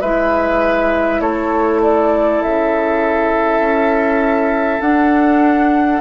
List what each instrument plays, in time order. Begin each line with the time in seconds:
0.00 bassoon G#3, clarinet E4, oboe B4, flute E5
1.20 bassoon A3, oboe A4, flute C#5
1.82 flute D5
2.42 bassoon C#3, flute E5
3.60 bassoon C#4
4.80 bassoon D4, clarinet D4, flute F#5